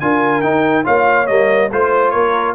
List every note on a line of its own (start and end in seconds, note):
0.00 0.43 D4
0.00 0.43 F4
0.00 0.84 A#4
0.00 0.42 G#5
0.42 0.84 D#4
0.42 0.86 D#4
0.42 0.84 G5
0.84 1.29 A#3
0.84 1.26 F4
0.84 1.69 C#5
0.84 1.27 F5
1.27 1.72 G3
1.27 1.69 A#3
1.27 1.69 D#5
1.72 2.14 A3
1.72 2.55 F4
1.72 2.10 C5
1.72 2.13 C5
2.10 2.55 A#3
2.10 2.55 A#4
2.10 2.52 C#5